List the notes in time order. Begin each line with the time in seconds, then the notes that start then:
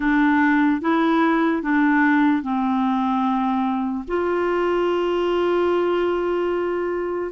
0.00 D4
0.81 E4
1.62 D4
2.42 C4
4.07 F4